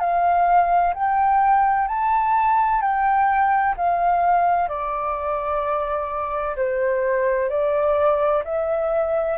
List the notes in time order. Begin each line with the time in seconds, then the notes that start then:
0.00 F5
0.94 G5
1.88 A5
2.81 G5
3.77 F5
4.69 D5
6.56 C5
7.50 D5
8.44 E5